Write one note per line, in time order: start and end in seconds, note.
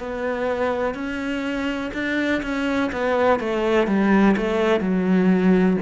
0.00 0.95 B3
0.95 1.91 C#4
1.94 2.42 D4
2.43 2.91 C#4
2.93 3.40 B3
3.40 3.88 A3
3.88 4.36 G3
4.37 4.80 A3
4.80 5.77 F#3